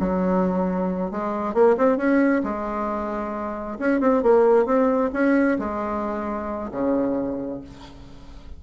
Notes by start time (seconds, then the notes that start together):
0.00 F#3
1.12 G#3
1.55 A#3
1.78 C4
1.98 C#4
2.44 G#3
3.79 C#4
4.01 C4
4.23 A#3
4.66 C4
5.14 C#4
5.59 G#3
6.72 C#3